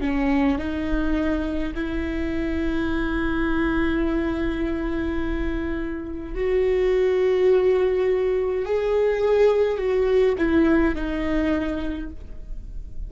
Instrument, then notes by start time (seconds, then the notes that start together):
viola
0.00 C#4
0.58 D#4
1.74 E4
6.35 F#4
8.65 G#4
9.78 F#4
10.38 E4
10.95 D#4